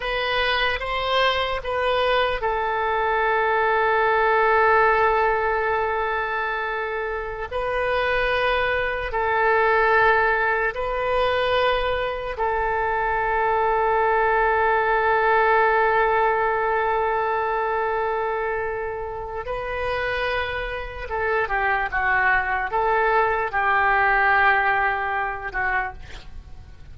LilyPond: \new Staff \with { instrumentName = "oboe" } { \time 4/4 \tempo 4 = 74 b'4 c''4 b'4 a'4~ | a'1~ | a'4~ a'16 b'2 a'8.~ | a'4~ a'16 b'2 a'8.~ |
a'1~ | a'1 | b'2 a'8 g'8 fis'4 | a'4 g'2~ g'8 fis'8 | }